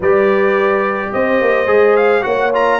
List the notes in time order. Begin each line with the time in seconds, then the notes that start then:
0.00 G3 G4 B4 D5
1.12 C4 C5 D#5
1.41 A#3
1.67 G#3 G#4
1.96 F5
2.22 A#3 F#4 C#5 F#5
2.53 F4 A#5